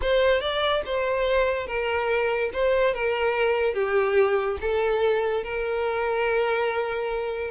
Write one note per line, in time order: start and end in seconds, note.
0.01 0.40 C5
0.40 0.82 D5
0.85 1.66 C5
1.66 2.50 A#4
2.53 2.94 C5
2.94 3.74 A#4
3.74 4.57 G4
4.60 5.43 A4
5.43 7.50 A#4